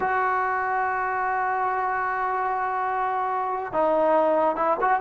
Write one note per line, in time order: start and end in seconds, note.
0.00 3.72 F#4
3.72 4.55 D#4
4.55 4.77 E4
4.80 5.00 F#4